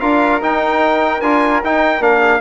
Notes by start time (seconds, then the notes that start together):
0.00 D4 F4 A#4 F5
0.42 D#4 G5
1.21 D4 F4 G#5
1.64 D#4 G5
2.00 A#3 D4 F5
2.18 G#4